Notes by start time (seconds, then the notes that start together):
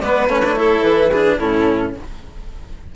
0.00 G#3 B3 B4 D5
0.27 A3 C#4 C#5
0.44 D4
0.56 E4 A4
0.83 E3 B4
1.11 D4 G#4
1.39 A2 C#4 E4 A4